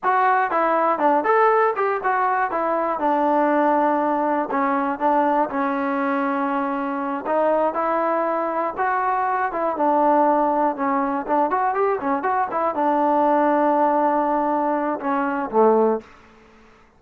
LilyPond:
\new Staff \with { instrumentName = "trombone" } { \time 4/4 \tempo 4 = 120 fis'4 e'4 d'8 a'4 g'8 | fis'4 e'4 d'2~ | d'4 cis'4 d'4 cis'4~ | cis'2~ cis'8 dis'4 e'8~ |
e'4. fis'4. e'8 d'8~ | d'4. cis'4 d'8 fis'8 g'8 | cis'8 fis'8 e'8 d'2~ d'8~ | d'2 cis'4 a4 | }